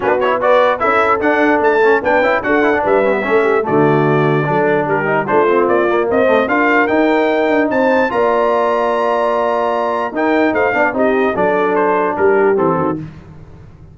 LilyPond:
<<
  \new Staff \with { instrumentName = "trumpet" } { \time 4/4 \tempo 4 = 148 b'8 cis''8 d''4 e''4 fis''4 | a''4 g''4 fis''4 e''4~ | e''4 d''2. | ais'4 c''4 d''4 dis''4 |
f''4 g''2 a''4 | ais''1~ | ais''4 g''4 f''4 dis''4 | d''4 c''4 ais'4 a'4 | }
  \new Staff \with { instrumentName = "horn" } { \time 4/4 fis'4 b'4 a'2~ | a'4 b'4 a'4 b'4 | a'8 g'8 fis'2 a'4 | g'4 f'2 c''4 |
ais'2. c''4 | d''1~ | d''4 ais'4 c''8 d''8 g'4 | a'2 g'4. fis'8 | }
  \new Staff \with { instrumentName = "trombone" } { \time 4/4 d'8 e'8 fis'4 e'4 d'4~ | d'8 cis'8 d'8 e'8 fis'8 e'16 d'8. cis'16 b16 | cis'4 a2 d'4~ | d'8 dis'8 d'8 c'4 ais4 a8 |
f'4 dis'2. | f'1~ | f'4 dis'4. d'8 dis'4 | d'2. c'4 | }
  \new Staff \with { instrumentName = "tuba" } { \time 4/4 b2 cis'4 d'4 | a4 b8 cis'8 d'4 g4 | a4 d2 fis4 | g4 a4 ais4 c'4 |
d'4 dis'4. d'8 c'4 | ais1~ | ais4 dis'4 a8 b8 c'4 | fis2 g4 e8 dis8 | }
>>